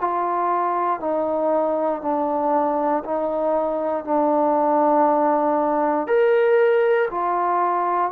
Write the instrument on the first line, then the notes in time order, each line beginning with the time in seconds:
trombone
0.00 F4
0.99 D#4
2.01 D4
3.04 D#4
4.04 D4
6.07 A#4
7.10 F4